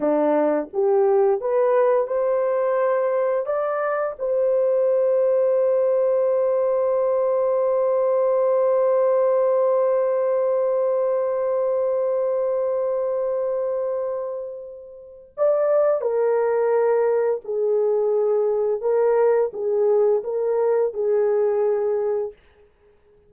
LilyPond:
\new Staff \with { instrumentName = "horn" } { \time 4/4 \tempo 4 = 86 d'4 g'4 b'4 c''4~ | c''4 d''4 c''2~ | c''1~ | c''1~ |
c''1~ | c''2 d''4 ais'4~ | ais'4 gis'2 ais'4 | gis'4 ais'4 gis'2 | }